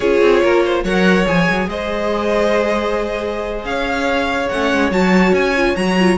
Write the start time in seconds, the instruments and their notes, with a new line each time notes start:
0.00 cello C#4, viola F4, violin G#4 C#5
0.21 cello C4
0.42 cello A#3, violin A#4
0.64 violin C5
0.83 cello F#3, viola A#4, violin C#5 F#5
1.26 cello F3, viola G#4, violin G#5
1.50 cello F#3
1.66 cello G#3, violin C5 D#5
3.64 cello C#4, violin C#5 F5
4.48 cello A3, viola C#4, violin F#5
4.72 cello G#3
4.90 cello F#3, viola F#4, violin A5
5.32 cello C#4, violin G#5
5.56 viola F4
5.76 cello F#3, viola F#4, violin A#5
6.00 viola F4